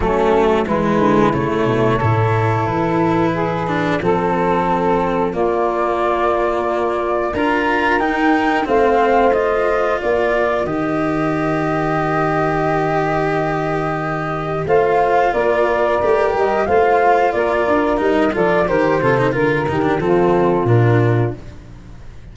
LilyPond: <<
  \new Staff \with { instrumentName = "flute" } { \time 4/4 \tempo 4 = 90 a'4 b'4 cis''2 | b'2 a'2 | d''2. ais''4 | g''4 f''4 dis''4 d''4 |
dis''1~ | dis''2 f''4 d''4~ | d''8 dis''8 f''4 d''4 dis''8 d''8 | c''4 ais'8 g'8 a'4 ais'4 | }
  \new Staff \with { instrumentName = "saxophone" } { \time 4/4 cis'4 e'2 a'4~ | a'4 gis'4 a'2 | f'2. ais'4~ | ais'4 c''2 ais'4~ |
ais'1~ | ais'2 c''4 ais'4~ | ais'4 c''4 ais'4. a'8 | ais'8 a'8 ais'4 f'2 | }
  \new Staff \with { instrumentName = "cello" } { \time 4/4 a4 gis4 a4 e'4~ | e'4. d'8 c'2 | ais2. f'4 | dis'4 c'4 f'2 |
g'1~ | g'2 f'2 | g'4 f'2 dis'8 f'8 | g'8 f'16 dis'16 f'8 dis'16 d'16 c'4 d'4 | }
  \new Staff \with { instrumentName = "tuba" } { \time 4/4 fis4 e8 d8 cis8 b,8 a,4 | e2 f2 | ais2. d'4 | dis'4 a2 ais4 |
dis1~ | dis2 a4 ais4 | a8 g8 a4 ais8 d'8 g8 f8 | dis8 c8 d8 dis8 f4 ais,4 | }
>>